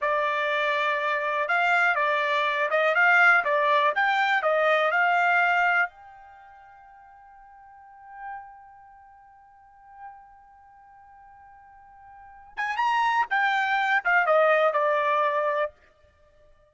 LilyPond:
\new Staff \with { instrumentName = "trumpet" } { \time 4/4 \tempo 4 = 122 d''2. f''4 | d''4. dis''8 f''4 d''4 | g''4 dis''4 f''2 | g''1~ |
g''1~ | g''1~ | g''4. gis''8 ais''4 g''4~ | g''8 f''8 dis''4 d''2 | }